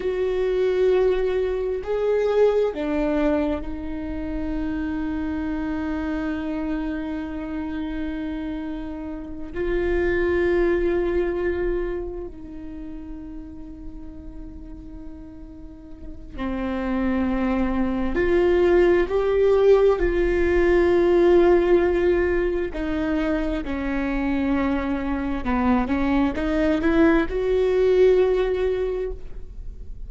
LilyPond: \new Staff \with { instrumentName = "viola" } { \time 4/4 \tempo 4 = 66 fis'2 gis'4 d'4 | dis'1~ | dis'2~ dis'8 f'4.~ | f'4. dis'2~ dis'8~ |
dis'2 c'2 | f'4 g'4 f'2~ | f'4 dis'4 cis'2 | b8 cis'8 dis'8 e'8 fis'2 | }